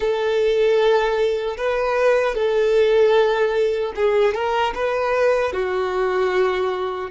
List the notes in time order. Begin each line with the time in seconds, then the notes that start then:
0.00 A4
1.57 B4
2.34 A4
3.95 G#4
4.34 A#4
4.74 B4
5.52 F#4